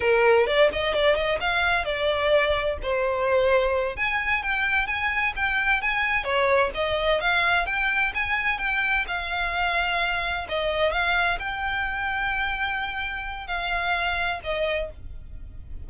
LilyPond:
\new Staff \with { instrumentName = "violin" } { \time 4/4 \tempo 4 = 129 ais'4 d''8 dis''8 d''8 dis''8 f''4 | d''2 c''2~ | c''8 gis''4 g''4 gis''4 g''8~ | g''8 gis''4 cis''4 dis''4 f''8~ |
f''8 g''4 gis''4 g''4 f''8~ | f''2~ f''8 dis''4 f''8~ | f''8 g''2.~ g''8~ | g''4 f''2 dis''4 | }